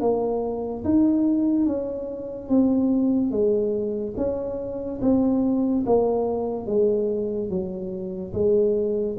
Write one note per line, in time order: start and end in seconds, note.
0.00 0.83 A#3
0.84 1.66 D#4
1.66 2.48 C#4
2.48 3.31 C4
3.31 4.14 G#3
4.17 5.00 C#4
5.01 5.84 C4
5.86 6.66 A#3
6.66 7.49 G#3
7.49 8.33 F#3
8.33 9.16 G#3